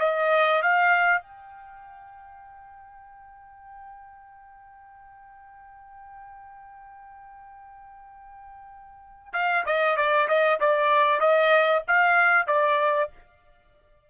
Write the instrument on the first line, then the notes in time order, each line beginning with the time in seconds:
trumpet
0.00 D#5
0.62 F5
1.22 G5
9.33 F5
9.66 D#5
9.97 D5
10.29 D#5
10.61 D5
11.21 D#5
11.88 F5
12.48 D5